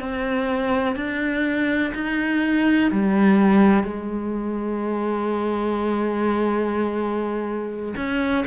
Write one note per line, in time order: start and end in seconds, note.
0.00 0.96 C4
0.96 1.93 D4
1.95 2.92 D#4
2.92 3.84 G3
3.84 7.95 G#3
7.97 8.45 C#4